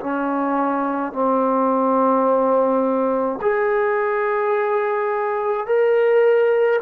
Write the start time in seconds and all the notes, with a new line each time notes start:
0.00 C#4
1.12 C4
3.41 G#4
5.66 A#4